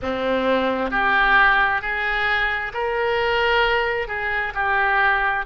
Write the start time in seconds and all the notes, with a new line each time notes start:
0.02 C4
0.90 G4
1.81 G#4
2.73 A#4
4.07 G#4
4.54 G4